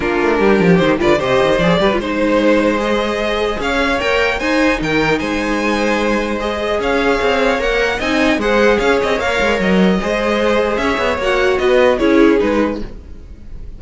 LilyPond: <<
  \new Staff \with { instrumentName = "violin" } { \time 4/4 \tempo 4 = 150 ais'2 c''8 d''8 dis''4 | d''4 c''2 dis''4~ | dis''4 f''4 g''4 gis''4 | g''4 gis''2. |
dis''4 f''2 fis''4 | gis''4 fis''4 f''8 dis''8 f''4 | dis''2. e''4 | fis''4 dis''4 cis''4 b'4 | }
  \new Staff \with { instrumentName = "violin" } { \time 4/4 f'4 g'4. b'8 c''4~ | c''8 b'8 c''2.~ | c''4 cis''2 c''4 | ais'4 c''2.~ |
c''4 cis''2. | dis''4 c''4 cis''2~ | cis''4 c''2 cis''4~ | cis''4 b'4 gis'2 | }
  \new Staff \with { instrumentName = "viola" } { \time 4/4 d'2 dis'8 f'8 g'4 | gis'8 g'16 f'16 dis'2 gis'4~ | gis'2 ais'4 dis'4~ | dis'1 |
gis'2. ais'4 | dis'4 gis'2 ais'4~ | ais'4 gis'2. | fis'2 e'4 dis'4 | }
  \new Staff \with { instrumentName = "cello" } { \time 4/4 ais8 a8 g8 f8 dis8 d8 c8 dis8 | f8 g8 gis2.~ | gis4 cis'4 ais4 dis'4 | dis4 gis2.~ |
gis4 cis'4 c'4 ais4 | c'4 gis4 cis'8 c'8 ais8 gis8 | fis4 gis2 cis'8 b8 | ais4 b4 cis'4 gis4 | }
>>